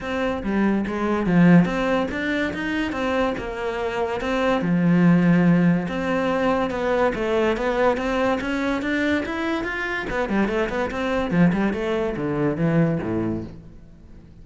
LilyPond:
\new Staff \with { instrumentName = "cello" } { \time 4/4 \tempo 4 = 143 c'4 g4 gis4 f4 | c'4 d'4 dis'4 c'4 | ais2 c'4 f4~ | f2 c'2 |
b4 a4 b4 c'4 | cis'4 d'4 e'4 f'4 | b8 g8 a8 b8 c'4 f8 g8 | a4 d4 e4 a,4 | }